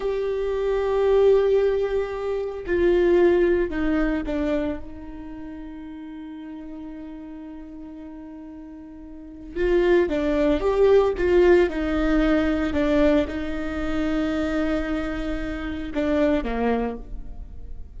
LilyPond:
\new Staff \with { instrumentName = "viola" } { \time 4/4 \tempo 4 = 113 g'1~ | g'4 f'2 dis'4 | d'4 dis'2.~ | dis'1~ |
dis'2 f'4 d'4 | g'4 f'4 dis'2 | d'4 dis'2.~ | dis'2 d'4 ais4 | }